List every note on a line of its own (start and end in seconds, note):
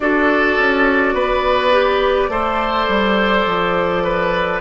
0.00 0.58 D4
0.00 1.72 F#4
0.00 1.14 A4
0.00 4.60 D5
0.58 1.13 C#4
1.13 2.28 B3
1.13 2.29 B4
1.72 2.29 G4
2.28 2.86 A3
2.28 4.60 A4
2.28 4.03 C5
2.87 3.45 G3
3.46 4.60 F3
4.03 4.60 B4